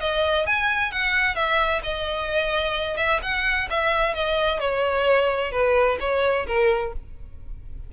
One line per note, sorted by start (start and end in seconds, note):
0.00 0.46 D#5
0.46 0.91 G#5
0.91 1.35 F#5
1.35 1.81 E5
1.83 2.97 D#5
2.97 3.20 E5
3.22 3.68 F#5
3.70 4.14 E5
4.14 4.59 D#5
4.59 5.51 C#5
5.51 5.97 B4
6.00 6.46 C#5
6.46 6.93 A#4